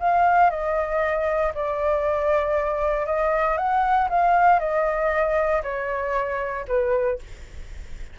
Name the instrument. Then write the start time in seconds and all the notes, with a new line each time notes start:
flute
0.00 F5
0.50 D#5
1.55 D5
3.06 D#5
3.57 F#5
4.09 F5
4.60 D#5
5.63 C#5
6.68 B4